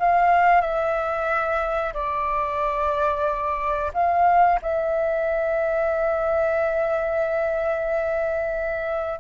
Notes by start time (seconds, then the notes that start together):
0.00 F5
0.62 E5
1.94 D5
3.94 F5
4.62 E5